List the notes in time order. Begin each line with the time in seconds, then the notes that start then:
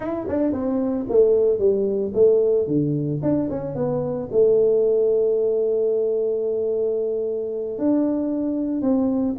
0.00 E4
0.28 D4
0.52 C4
1.09 A3
1.59 G3
2.14 A3
2.67 D3
3.22 D4
3.50 C#4
3.75 B3
4.31 A3
7.78 D4
8.81 C4